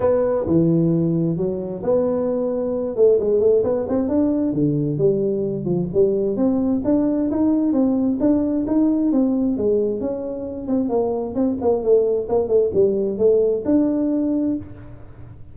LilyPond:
\new Staff \with { instrumentName = "tuba" } { \time 4/4 \tempo 4 = 132 b4 e2 fis4 | b2~ b8 a8 gis8 a8 | b8 c'8 d'4 d4 g4~ | g8 f8 g4 c'4 d'4 |
dis'4 c'4 d'4 dis'4 | c'4 gis4 cis'4. c'8 | ais4 c'8 ais8 a4 ais8 a8 | g4 a4 d'2 | }